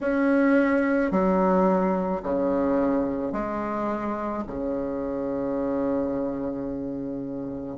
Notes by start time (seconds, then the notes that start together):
0.01 C#4
1.11 F#3
2.22 C#3
3.32 G#3
4.47 C#3